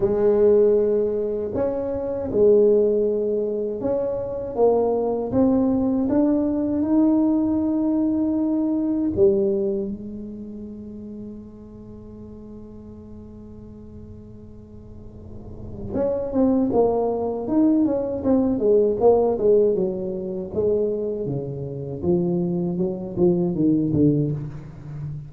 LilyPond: \new Staff \with { instrumentName = "tuba" } { \time 4/4 \tempo 4 = 79 gis2 cis'4 gis4~ | gis4 cis'4 ais4 c'4 | d'4 dis'2. | g4 gis2.~ |
gis1~ | gis4 cis'8 c'8 ais4 dis'8 cis'8 | c'8 gis8 ais8 gis8 fis4 gis4 | cis4 f4 fis8 f8 dis8 d8 | }